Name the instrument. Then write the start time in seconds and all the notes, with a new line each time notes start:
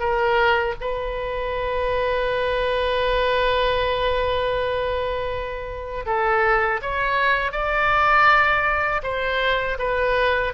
oboe
0.00 A#4
0.81 B4
6.06 A4
6.82 C#5
7.52 D5
9.03 C5
9.79 B4